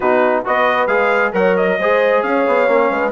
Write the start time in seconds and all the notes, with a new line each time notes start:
0.00 B2 D#4 F#4 B4
0.45 B3 F#4 B4 D#5
0.87 G#3 G#4 F5
1.32 F#3 A#4 C#5 F#5
1.56 D#5
1.79 G#3 G#4 C5
2.22 C#4 C#5 F5
2.46 B3
2.67 A#3 C#4
2.90 G#3 B4